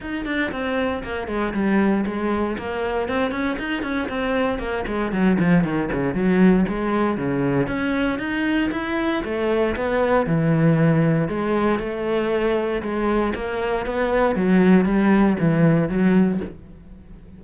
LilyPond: \new Staff \with { instrumentName = "cello" } { \time 4/4 \tempo 4 = 117 dis'8 d'8 c'4 ais8 gis8 g4 | gis4 ais4 c'8 cis'8 dis'8 cis'8 | c'4 ais8 gis8 fis8 f8 dis8 cis8 | fis4 gis4 cis4 cis'4 |
dis'4 e'4 a4 b4 | e2 gis4 a4~ | a4 gis4 ais4 b4 | fis4 g4 e4 fis4 | }